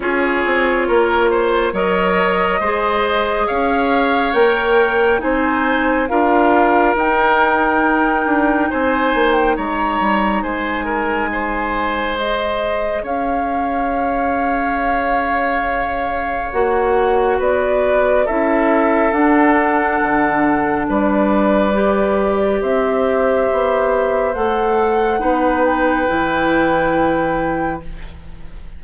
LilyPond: <<
  \new Staff \with { instrumentName = "flute" } { \time 4/4 \tempo 4 = 69 cis''2 dis''2 | f''4 g''4 gis''4 f''4 | g''2 gis''8. g''16 ais''4 | gis''2 dis''4 f''4~ |
f''2. fis''4 | d''4 e''4 fis''2 | d''2 e''2 | fis''4. g''2~ g''8 | }
  \new Staff \with { instrumentName = "oboe" } { \time 4/4 gis'4 ais'8 c''8 cis''4 c''4 | cis''2 c''4 ais'4~ | ais'2 c''4 cis''4 | c''8 ais'8 c''2 cis''4~ |
cis''1 | b'4 a'2. | b'2 c''2~ | c''4 b'2. | }
  \new Staff \with { instrumentName = "clarinet" } { \time 4/4 f'2 ais'4 gis'4~ | gis'4 ais'4 dis'4 f'4 | dis'1~ | dis'2 gis'2~ |
gis'2. fis'4~ | fis'4 e'4 d'2~ | d'4 g'2. | a'4 dis'4 e'2 | }
  \new Staff \with { instrumentName = "bassoon" } { \time 4/4 cis'8 c'8 ais4 fis4 gis4 | cis'4 ais4 c'4 d'4 | dis'4. d'8 c'8 ais8 gis8 g8 | gis2. cis'4~ |
cis'2. ais4 | b4 cis'4 d'4 d4 | g2 c'4 b4 | a4 b4 e2 | }
>>